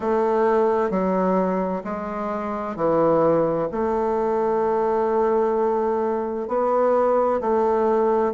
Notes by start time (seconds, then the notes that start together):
0.00 A3
0.90 F#3
1.83 G#3
2.76 E3
3.71 A3
6.47 B3
7.41 A3